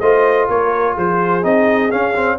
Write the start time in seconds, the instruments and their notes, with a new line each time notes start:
0.00 tuba A3, trombone F4, horn C5, trumpet D#5
0.49 tuba A#3, horn A#4, trumpet C#5
0.94 tuba F3, horn G#4, trumpet C5
1.42 tuba C4, trombone D#4, trumpet D#5
1.90 trombone C#4, tuba C#4, trumpet F5
2.16 trombone C4